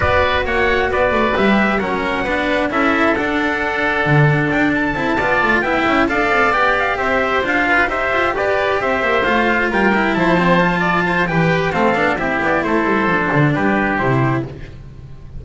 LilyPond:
<<
  \new Staff \with { instrumentName = "trumpet" } { \time 4/4 \tempo 4 = 133 d''4 fis''4 d''4 e''4 | fis''2 e''4 fis''4~ | fis''2 g''8 a''4.~ | a''8 g''4 f''4 g''8 f''8 e''8~ |
e''8 f''4 e''4 d''4 e''8~ | e''8 f''4 g''4 a''4.~ | a''4 g''4 f''4 e''8 d''8 | c''2 b'4 c''4 | }
  \new Staff \with { instrumentName = "oboe" } { \time 4/4 b'4 cis''4 b'2 | ais'4 b'4 a'2~ | a'2.~ a'8 d''8~ | d''8 e''4 d''2 c''8~ |
c''4 b'8 c''4 b'4 c''8~ | c''4. ais'4 c''4. | d''8 c''8 b'4 a'4 g'4 | a'2 g'2 | }
  \new Staff \with { instrumentName = "cello" } { \time 4/4 fis'2. g'4 | cis'4 d'4 e'4 d'4~ | d'2. e'8 f'8~ | f'8 e'4 a'4 g'4.~ |
g'8 f'4 g'2~ g'8~ | g'8 f'4. e'4 c'8 f'8~ | f'4 g'4 c'8 d'8 e'4~ | e'4 d'2 e'4 | }
  \new Staff \with { instrumentName = "double bass" } { \time 4/4 b4 ais4 b8 a8 g4 | fis4 b4 cis'4 d'4~ | d'4 d4 d'4 c'8 b8 | a8 b8 cis'8 d'8 c'8 b4 c'8~ |
c'8 d'4 dis'8 f'8 g'4 c'8 | ais8 a4 g4 f4.~ | f4 e4 a8 b8 c'8 b8 | a8 g8 f8 d8 g4 c4 | }
>>